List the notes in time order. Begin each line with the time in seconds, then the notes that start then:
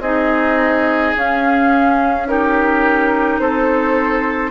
0.00 C4 D#4 G#4 D#5
1.16 C#4 F5
2.27 D#4 G4 A#4
3.39 C4 A4 C5